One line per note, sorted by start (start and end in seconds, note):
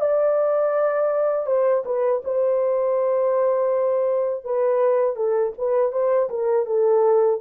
0.00 1.46 D5
1.46 1.84 C5
1.85 2.22 B4
2.24 4.44 C5
4.44 5.15 B4
5.15 5.53 A4
5.58 5.92 B4
5.92 6.29 C5
6.29 6.66 A#4
6.66 7.40 A4